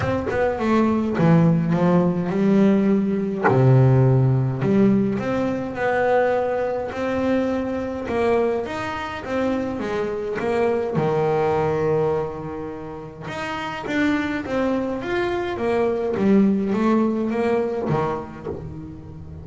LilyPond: \new Staff \with { instrumentName = "double bass" } { \time 4/4 \tempo 4 = 104 c'8 b8 a4 e4 f4 | g2 c2 | g4 c'4 b2 | c'2 ais4 dis'4 |
c'4 gis4 ais4 dis4~ | dis2. dis'4 | d'4 c'4 f'4 ais4 | g4 a4 ais4 dis4 | }